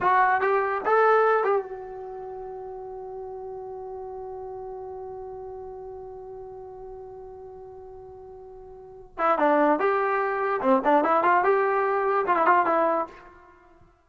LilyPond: \new Staff \with { instrumentName = "trombone" } { \time 4/4 \tempo 4 = 147 fis'4 g'4 a'4. g'8 | fis'1~ | fis'1~ | fis'1~ |
fis'1~ | fis'2~ fis'8 e'8 d'4 | g'2 c'8 d'8 e'8 f'8 | g'2 f'16 e'16 f'8 e'4 | }